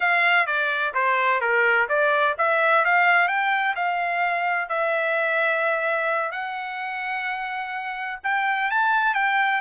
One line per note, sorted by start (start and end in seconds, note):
0.00 0.46 F5
0.46 0.93 D5
0.94 1.40 C5
1.40 1.87 A#4
1.89 2.35 D5
2.37 2.84 E5
2.84 3.27 F5
3.27 3.74 G5
3.75 4.69 F5
4.69 6.31 E5
6.31 8.19 F#5
8.23 8.70 G5
8.71 9.14 A5
9.14 9.61 G5